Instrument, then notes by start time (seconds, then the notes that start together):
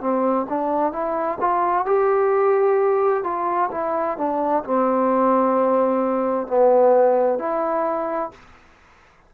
trombone
0.00 C4
0.49 D4
0.92 E4
1.40 F4
1.85 G4
3.23 F4
3.71 E4
4.17 D4
4.64 C4
6.47 B3
7.38 E4